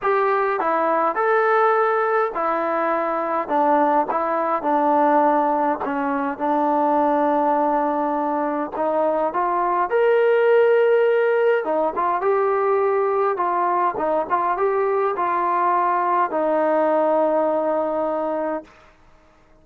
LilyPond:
\new Staff \with { instrumentName = "trombone" } { \time 4/4 \tempo 4 = 103 g'4 e'4 a'2 | e'2 d'4 e'4 | d'2 cis'4 d'4~ | d'2. dis'4 |
f'4 ais'2. | dis'8 f'8 g'2 f'4 | dis'8 f'8 g'4 f'2 | dis'1 | }